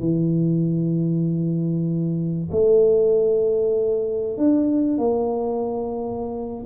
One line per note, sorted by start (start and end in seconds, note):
0.00 2.50 E3
2.51 4.37 A3
4.37 4.98 D4
4.98 6.64 A#3